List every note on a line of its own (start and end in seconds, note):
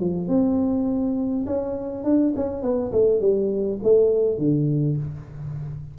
0.00 0.28 F3
0.28 1.46 C4
1.47 2.04 C#4
2.04 2.34 D4
2.36 2.63 C#4
2.63 2.92 B3
2.92 3.21 A3
3.21 3.79 G3
3.83 4.38 A3
4.38 4.97 D3